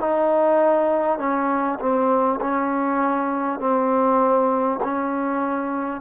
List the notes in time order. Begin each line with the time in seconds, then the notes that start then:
0.00 D#4
1.19 C#4
1.80 C4
2.41 C#4
3.60 C4
4.84 C#4